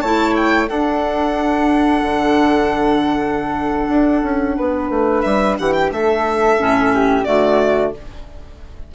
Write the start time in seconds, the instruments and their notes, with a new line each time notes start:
0.00 bassoon A3, clarinet E4, flute C#5, violin A5
0.36 violin G5
0.67 clarinet D4, bassoon D4, flute A4, violin F#5
2.02 bassoon D3
3.88 bassoon D4
4.23 bassoon C#4
4.57 bassoon B3, flute B4
4.89 bassoon A3
5.21 bassoon G3, violin E5
5.59 bassoon E3, flute G4, violin F#5
5.73 violin G5
5.91 bassoon A3, flute A4, violin E5
6.58 bassoon A2, clarinet C#4
6.94 flute G4
7.24 bassoon D3, clarinet A3, flute F#4, violin D5